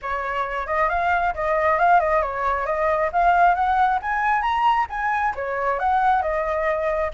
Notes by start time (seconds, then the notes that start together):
0.01 C#5
0.66 D#5
0.89 F5
1.34 D#5
1.79 F5
2.00 D#5
2.22 C#5
2.65 D#5
3.12 F5
3.54 F#5
4.02 G#5
4.42 A#5
4.89 G#5
5.35 C#5
5.79 F#5
6.21 D#5